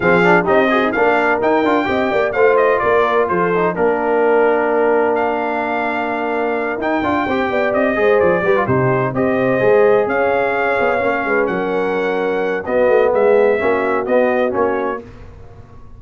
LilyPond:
<<
  \new Staff \with { instrumentName = "trumpet" } { \time 4/4 \tempo 4 = 128 f''4 dis''4 f''4 g''4~ | g''4 f''8 dis''8 d''4 c''4 | ais'2. f''4~ | f''2~ f''8 g''4.~ |
g''8 dis''4 d''4 c''4 dis''8~ | dis''4. f''2~ f''8~ | f''8 fis''2~ fis''8 dis''4 | e''2 dis''4 cis''4 | }
  \new Staff \with { instrumentName = "horn" } { \time 4/4 gis'4 g'8 fis'16 dis'16 ais'2 | dis''8 d''8 c''4 ais'4 a'4 | ais'1~ | ais'2.~ ais'8 c''8 |
d''4 c''4 b'8 g'4 c''8~ | c''4. cis''2~ cis''8 | b'8 ais'2~ ais'8 fis'4 | gis'4 fis'2. | }
  \new Staff \with { instrumentName = "trombone" } { \time 4/4 c'8 d'8 dis'8 gis'8 d'4 dis'8 f'8 | g'4 f'2~ f'8 dis'8 | d'1~ | d'2~ d'8 dis'8 f'8 g'8~ |
g'4 gis'4 g'16 f'16 dis'4 g'8~ | g'8 gis'2. cis'8~ | cis'2. b4~ | b4 cis'4 b4 cis'4 | }
  \new Staff \with { instrumentName = "tuba" } { \time 4/4 f4 c'4 ais4 dis'8 d'8 | c'8 ais8 a4 ais4 f4 | ais1~ | ais2~ ais8 dis'8 d'8 c'8 |
b8 c'8 gis8 f8 g8 c4 c'8~ | c'8 gis4 cis'4. b8 ais8 | gis8 fis2~ fis8 b8 a8 | gis4 ais4 b4 ais4 | }
>>